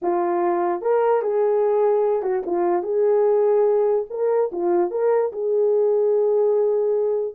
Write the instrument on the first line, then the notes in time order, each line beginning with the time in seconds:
horn
0.02 F4
0.81 A#4
1.22 G#4
2.22 F#4
2.46 F4
2.82 G#4
4.09 A#4
4.52 F4
4.90 A#4
5.32 G#4